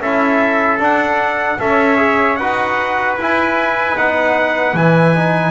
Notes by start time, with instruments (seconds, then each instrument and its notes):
0.00 double bass C#4, trombone E4, trumpet A4 E5
0.79 double bass D4, trombone D4, trumpet F#5
1.59 double bass C#4, trombone A4, trumpet C#5 E5
1.97 trombone G#4
2.36 double bass D#4, trombone F#4, trumpet B4 F#5
3.17 double bass E4, trombone E4, trumpet G#5
3.97 double bass B3, trombone D#4, trumpet F#5
4.74 double bass E3, trombone E4, trumpet G#5
5.15 trombone D#4